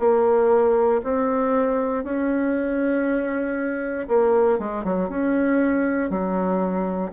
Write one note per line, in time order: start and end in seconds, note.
0.00 1.02 A#3
1.04 2.04 C4
2.04 4.08 C#4
4.08 4.59 A#3
4.59 4.84 G#3
4.84 5.09 F#3
5.09 6.10 C#4
6.10 7.12 F#3